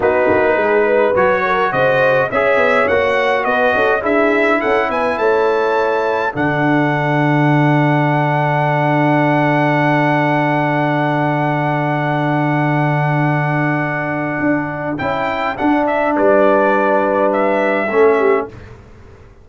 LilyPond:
<<
  \new Staff \with { instrumentName = "trumpet" } { \time 4/4 \tempo 4 = 104 b'2 cis''4 dis''4 | e''4 fis''4 dis''4 e''4 | fis''8 gis''8 a''2 fis''4~ | fis''1~ |
fis''1~ | fis''1~ | fis''2 g''4 fis''8 e''8 | d''2 e''2 | }
  \new Staff \with { instrumentName = "horn" } { \time 4/4 fis'4 gis'8 b'4 ais'8 c''4 | cis''2 b'8 a'8 gis'4 | a'8 b'8 cis''2 a'4~ | a'1~ |
a'1~ | a'1~ | a'1 | b'2. a'8 g'8 | }
  \new Staff \with { instrumentName = "trombone" } { \time 4/4 dis'2 fis'2 | gis'4 fis'2 e'4~ | e'2. d'4~ | d'1~ |
d'1~ | d'1~ | d'2 e'4 d'4~ | d'2. cis'4 | }
  \new Staff \with { instrumentName = "tuba" } { \time 4/4 b8 ais8 gis4 fis4 cis4 | cis'8 b8 ais4 b8 cis'8 d'4 | cis'8 b8 a2 d4~ | d1~ |
d1~ | d1~ | d4 d'4 cis'4 d'4 | g2. a4 | }
>>